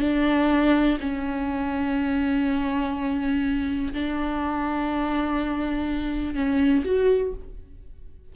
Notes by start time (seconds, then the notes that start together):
0.00 D4
1.00 C#4
3.93 D4
6.34 C#4
6.84 F#4